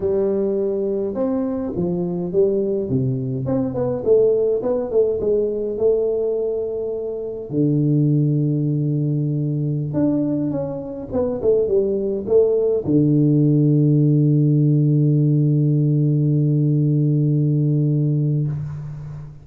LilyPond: \new Staff \with { instrumentName = "tuba" } { \time 4/4 \tempo 4 = 104 g2 c'4 f4 | g4 c4 c'8 b8 a4 | b8 a8 gis4 a2~ | a4 d2.~ |
d4~ d16 d'4 cis'4 b8 a16~ | a16 g4 a4 d4.~ d16~ | d1~ | d1 | }